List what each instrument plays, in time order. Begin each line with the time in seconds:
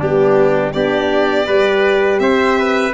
0.00 tuba G3, horn B3, trumpet D4, violin G4
0.73 tuba B3, horn D4, trumpet G4, violin D5
1.45 tuba G3, horn G4, trumpet B4
2.19 tuba C4, trumpet C5, violin E5
2.58 trumpet B4